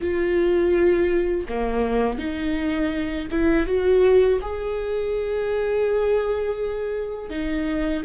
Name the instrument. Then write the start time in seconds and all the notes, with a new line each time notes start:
viola
0.01 F4
1.48 A#3
2.18 D#4
3.31 E4
3.66 F#4
4.41 G#4
7.30 D#4